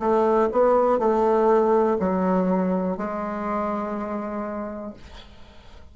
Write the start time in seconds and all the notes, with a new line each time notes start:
0.00 A3
0.52 B3
0.99 A3
2.00 F#3
2.98 G#3